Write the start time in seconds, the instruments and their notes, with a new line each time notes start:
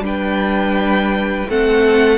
0.00 cello G3, viola D4, violin B4
0.06 violin G5
1.49 cello A3, viola C4, violin A4 F#5